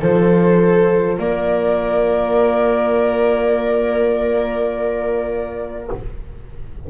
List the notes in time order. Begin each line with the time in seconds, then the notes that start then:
0.00 F3 F4 A4 C5
1.18 A#3 A#4 D5